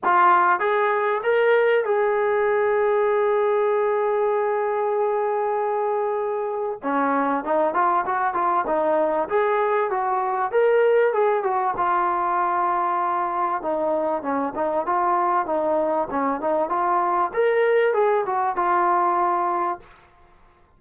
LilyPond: \new Staff \with { instrumentName = "trombone" } { \time 4/4 \tempo 4 = 97 f'4 gis'4 ais'4 gis'4~ | gis'1~ | gis'2. cis'4 | dis'8 f'8 fis'8 f'8 dis'4 gis'4 |
fis'4 ais'4 gis'8 fis'8 f'4~ | f'2 dis'4 cis'8 dis'8 | f'4 dis'4 cis'8 dis'8 f'4 | ais'4 gis'8 fis'8 f'2 | }